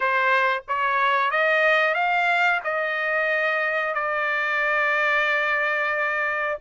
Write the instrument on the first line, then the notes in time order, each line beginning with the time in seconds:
trumpet
0.00 C5
0.67 C#5
1.30 D#5
1.94 F5
2.64 D#5
3.94 D5